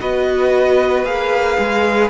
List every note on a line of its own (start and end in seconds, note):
0.00 1.05 B3
0.00 1.05 F#4
0.00 2.10 B4
0.00 1.05 D#5
1.05 1.57 A#3
1.05 2.10 G#4
1.05 2.10 F5
1.58 2.10 G#3